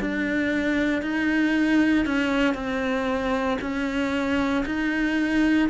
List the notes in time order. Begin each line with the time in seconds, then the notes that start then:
0.00 D4
1.02 D#4
2.05 C#4
2.54 C4
3.61 C#4
4.66 D#4